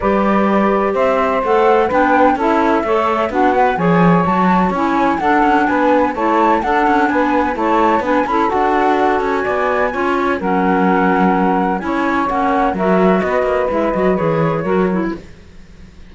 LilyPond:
<<
  \new Staff \with { instrumentName = "flute" } { \time 4/4 \tempo 4 = 127 d''2 e''4 fis''4 | g''4 e''2 fis''4 | gis''4 a''4 gis''4 fis''4 | gis''4 a''4 fis''4 gis''4 |
a''4 gis''8 b''8 fis''4. gis''8~ | gis''2 fis''2~ | fis''4 gis''4 fis''4 e''4 | dis''4 e''8 dis''8 cis''2 | }
  \new Staff \with { instrumentName = "saxophone" } { \time 4/4 b'2 c''2 | b'4 a'4 cis''4 fis'4 | cis''2. a'4 | b'4 cis''4 a'4 b'4 |
cis''4 b'8 a'2~ a'8 | d''4 cis''4 ais'2~ | ais'4 cis''2 ais'4 | b'2. ais'4 | }
  \new Staff \with { instrumentName = "clarinet" } { \time 4/4 g'2. a'4 | d'4 e'4 a'4 d'8 b'8 | gis'4 fis'4 e'4 d'4~ | d'4 e'4 d'2 |
e'4 d'8 e'8 fis'2~ | fis'4 f'4 cis'2~ | cis'4 e'4 cis'4 fis'4~ | fis'4 e'8 fis'8 gis'4 fis'8 e'8 | }
  \new Staff \with { instrumentName = "cello" } { \time 4/4 g2 c'4 a4 | b4 cis'4 a4 b4 | f4 fis4 cis'4 d'8 cis'8 | b4 a4 d'8 cis'8 b4 |
a4 b8 cis'8 d'4. cis'8 | b4 cis'4 fis2~ | fis4 cis'4 ais4 fis4 | b8 ais8 gis8 fis8 e4 fis4 | }
>>